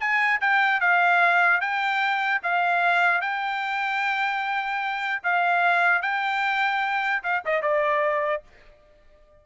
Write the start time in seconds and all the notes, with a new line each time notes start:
0.00 G#5
0.41 G5
0.80 F5
1.61 G5
2.43 F5
3.21 G5
5.23 F5
6.02 G5
7.23 F5
7.45 D#5
7.62 D5